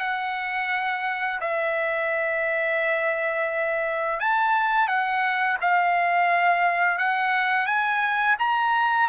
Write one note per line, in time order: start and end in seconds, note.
0.00 1.40 F#5
1.40 4.19 E5
4.19 4.87 A5
4.87 5.57 F#5
5.60 6.98 F5
6.98 7.66 F#5
7.66 8.36 G#5
8.38 9.08 A#5